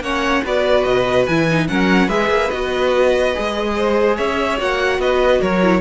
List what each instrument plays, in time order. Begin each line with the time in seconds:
0.00 cello A#3, viola C#4, violin C#5 F#5
0.42 cello B3, viola F#4, violin B4 D5
0.84 cello B2, violin D#5
1.26 cello E3, viola E4, violin G#5
1.50 viola D#4
1.68 cello F#3, viola C#4, violin A#4 F#5
2.07 cello G#3, viola G#4, violin B4 E5
2.29 cello A#3
2.50 cello B3, viola F#4, violin D#5
3.34 cello G#3, viola G#4
3.75 violin C5
4.16 cello C#4, violin C#5 E5
4.57 cello A#3, viola F#4, violin F#5
4.98 cello B3, violin B4 D#5
5.41 cello F#3, violin A#4 C#5
5.62 viola E4